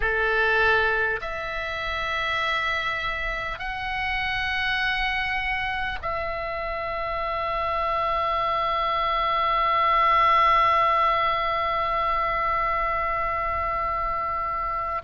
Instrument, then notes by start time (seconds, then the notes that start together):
oboe
0.00 A4
1.21 E5
3.58 F#5
6.02 E5